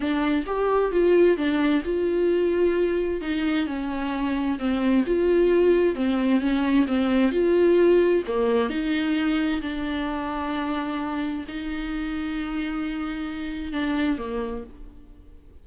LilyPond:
\new Staff \with { instrumentName = "viola" } { \time 4/4 \tempo 4 = 131 d'4 g'4 f'4 d'4 | f'2. dis'4 | cis'2 c'4 f'4~ | f'4 c'4 cis'4 c'4 |
f'2 ais4 dis'4~ | dis'4 d'2.~ | d'4 dis'2.~ | dis'2 d'4 ais4 | }